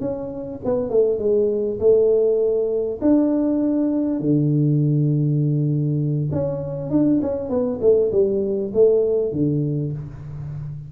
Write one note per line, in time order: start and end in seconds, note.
0.00 0.60 C#4
0.64 0.89 B3
0.89 1.18 A3
1.18 1.78 G#3
1.79 2.99 A3
3.01 4.19 D4
4.19 6.29 D3
6.32 6.90 C#4
6.90 7.20 D4
7.21 7.49 C#4
7.49 7.79 B3
7.81 8.11 A3
8.11 8.71 G3
8.73 9.32 A3
9.32 9.92 D3